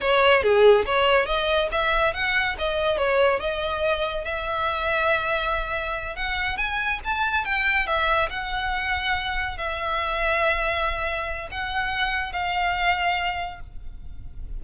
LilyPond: \new Staff \with { instrumentName = "violin" } { \time 4/4 \tempo 4 = 141 cis''4 gis'4 cis''4 dis''4 | e''4 fis''4 dis''4 cis''4 | dis''2 e''2~ | e''2~ e''8 fis''4 gis''8~ |
gis''8 a''4 g''4 e''4 fis''8~ | fis''2~ fis''8 e''4.~ | e''2. fis''4~ | fis''4 f''2. | }